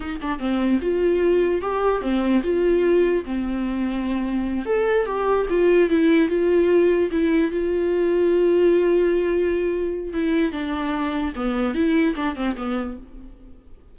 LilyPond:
\new Staff \with { instrumentName = "viola" } { \time 4/4 \tempo 4 = 148 dis'8 d'8 c'4 f'2 | g'4 c'4 f'2 | c'2.~ c'8 a'8~ | a'8 g'4 f'4 e'4 f'8~ |
f'4. e'4 f'4.~ | f'1~ | f'4 e'4 d'2 | b4 e'4 d'8 c'8 b4 | }